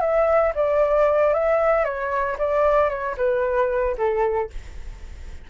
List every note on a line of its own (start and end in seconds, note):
0.00 0.53 E5
0.55 1.33 D5
1.33 1.84 E5
1.84 2.37 C#5
2.38 2.89 D5
2.89 3.15 C#5
3.17 3.96 B4
3.97 4.50 A4